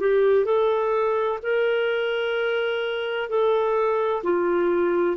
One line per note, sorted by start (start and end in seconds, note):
0.00 0.46 G4
0.46 1.39 A4
1.43 3.30 A#4
3.30 4.24 A4
4.24 5.17 F4